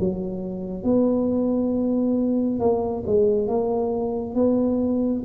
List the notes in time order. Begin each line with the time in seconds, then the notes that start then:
0.00 F#3
0.84 B3
2.60 A#3
3.07 G#3
3.48 A#3
4.35 B3